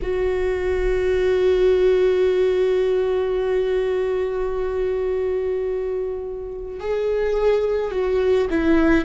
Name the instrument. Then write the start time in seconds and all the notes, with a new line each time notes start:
viola
0.02 F#4
6.80 G#4
7.91 F#4
8.50 E4